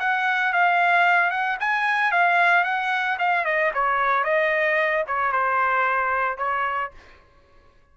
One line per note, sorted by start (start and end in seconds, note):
0.00 0.53 F#5
0.53 1.31 F5
1.31 1.57 F#5
1.60 2.12 G#5
2.12 2.64 F5
2.64 3.18 F#5
3.19 3.45 F5
3.45 3.72 D#5
3.74 4.24 C#5
4.24 5.05 D#5
5.07 5.33 C#5
5.33 6.38 C5
6.38 6.92 C#5